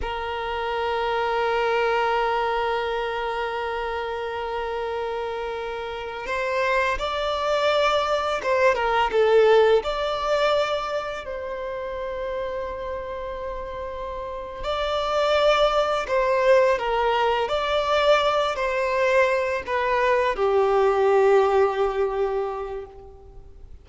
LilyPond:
\new Staff \with { instrumentName = "violin" } { \time 4/4 \tempo 4 = 84 ais'1~ | ais'1~ | ais'8. c''4 d''2 c''16~ | c''16 ais'8 a'4 d''2 c''16~ |
c''1~ | c''8 d''2 c''4 ais'8~ | ais'8 d''4. c''4. b'8~ | b'8 g'2.~ g'8 | }